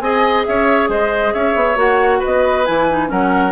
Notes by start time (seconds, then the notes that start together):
0.00 C4 G#4 D#5 G#5
0.45 C#4 C#5 E5
0.89 G#3 C5 D#5
1.34 C#4 C#5 E5
1.55 B3
1.76 A#3 F#4 F#5
2.19 B4 D#5
2.26 B3
2.66 E3 E4 G#5
2.90 D#4
3.08 F#3 C#4 A#4 F#5